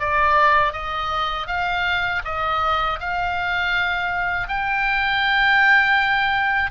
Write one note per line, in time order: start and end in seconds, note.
0.00 0.73 D5
0.73 1.47 D#5
1.47 2.22 F5
2.25 3.00 D#5
3.00 4.49 F5
4.49 6.71 G5